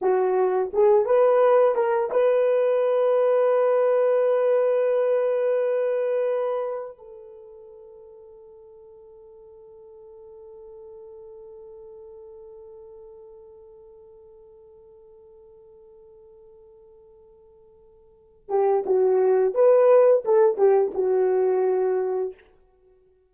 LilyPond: \new Staff \with { instrumentName = "horn" } { \time 4/4 \tempo 4 = 86 fis'4 gis'8 b'4 ais'8 b'4~ | b'1~ | b'2 a'2~ | a'1~ |
a'1~ | a'1~ | a'2~ a'8 g'8 fis'4 | b'4 a'8 g'8 fis'2 | }